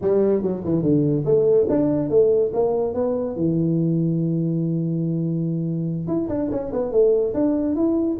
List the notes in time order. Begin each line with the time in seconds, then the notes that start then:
0.01 G3
0.42 F#3
0.64 E3
0.82 D3
1.25 A3
1.69 D4
2.09 A3
2.53 A#3
2.94 B3
3.35 E3
6.07 E4
6.28 D4
6.51 C#4
6.72 B3
6.91 A3
7.34 D4
7.75 E4